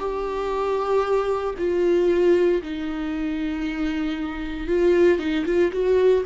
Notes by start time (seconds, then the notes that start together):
0.00 G4
1.59 F4
2.62 D#4
4.68 F4
5.20 D#4
5.46 F4
5.73 F#4